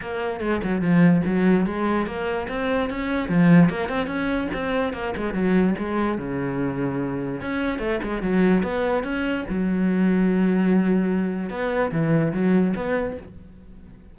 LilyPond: \new Staff \with { instrumentName = "cello" } { \time 4/4 \tempo 4 = 146 ais4 gis8 fis8 f4 fis4 | gis4 ais4 c'4 cis'4 | f4 ais8 c'8 cis'4 c'4 | ais8 gis8 fis4 gis4 cis4~ |
cis2 cis'4 a8 gis8 | fis4 b4 cis'4 fis4~ | fis1 | b4 e4 fis4 b4 | }